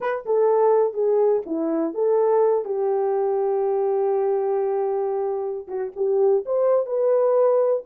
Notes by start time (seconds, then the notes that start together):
0.00 B4
0.25 A4
0.93 G#4
1.45 E4
1.94 A4
2.64 G4
5.67 F#4
5.96 G4
6.45 C5
6.86 B4